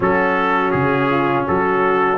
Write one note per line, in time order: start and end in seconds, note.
0.00 0.73 F#3
0.00 2.18 C#4
0.00 1.10 F#4
0.00 0.71 A4
0.71 1.46 C#3
0.71 1.44 G#4
1.10 1.45 F4
1.45 2.18 F#3
1.45 2.18 F#4
1.45 2.18 A4